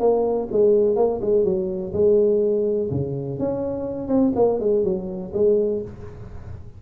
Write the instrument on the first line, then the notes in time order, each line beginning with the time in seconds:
tuba
0.00 A#3
0.52 G#3
0.96 A#3
1.21 G#3
1.45 F#3
1.93 G#3
2.91 C#3
3.39 C#4
4.08 C4
4.36 A#3
4.60 G#3
4.84 F#3
5.34 G#3